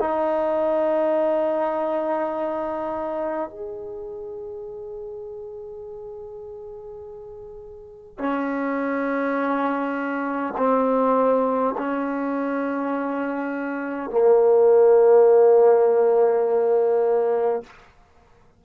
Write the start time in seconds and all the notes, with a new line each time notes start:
0.00 D#4
3.50 G#4
8.19 C#4
10.58 C4
11.78 C#4
14.11 A#3